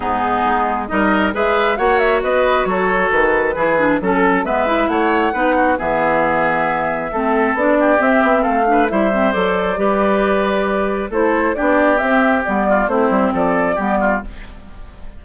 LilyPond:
<<
  \new Staff \with { instrumentName = "flute" } { \time 4/4 \tempo 4 = 135 gis'2 dis''4 e''4 | fis''8 e''8 dis''4 cis''4 b'4~ | b'4 a'4 e''4 fis''4~ | fis''4 e''2.~ |
e''4 d''4 e''4 f''4 | e''4 d''2.~ | d''4 c''4 d''4 e''4 | d''4 c''4 d''2 | }
  \new Staff \with { instrumentName = "oboe" } { \time 4/4 dis'2 ais'4 b'4 | cis''4 b'4 a'2 | gis'4 a'4 b'4 cis''4 | b'8 fis'8 gis'2. |
a'4. g'4. a'8 b'8 | c''2 b'2~ | b'4 a'4 g'2~ | g'8 f'8 e'4 a'4 g'8 f'8 | }
  \new Staff \with { instrumentName = "clarinet" } { \time 4/4 b2 dis'4 gis'4 | fis'1 | e'8 d'8 cis'4 b8 e'4. | dis'4 b2. |
c'4 d'4 c'4. d'8 | e'8 c'8 a'4 g'2~ | g'4 e'4 d'4 c'4 | b4 c'2 b4 | }
  \new Staff \with { instrumentName = "bassoon" } { \time 4/4 gis,4 gis4 g4 gis4 | ais4 b4 fis4 dis4 | e4 fis4 gis4 a4 | b4 e2. |
a4 b4 c'8 b8 a4 | g4 fis4 g2~ | g4 a4 b4 c'4 | g4 a8 g8 f4 g4 | }
>>